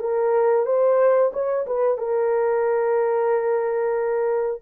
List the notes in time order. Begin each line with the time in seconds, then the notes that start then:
0.00 A#4
0.66 C5
1.33 C#5
1.67 B4
1.98 A#4